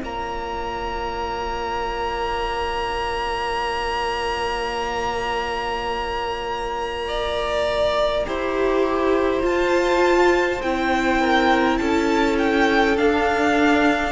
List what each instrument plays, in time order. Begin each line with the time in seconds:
0.00 cello A#3, viola F4, violin C#5 A#5
7.08 violin D5
8.25 cello E4, viola G4, violin C5
9.41 viola F4, cello F4, violin A5
10.61 cello C4, viola E4, violin G5
11.20 violin A#4
11.77 cello C#4, violin A4 A5
12.38 violin G5
12.97 viola D4, cello D4, violin F5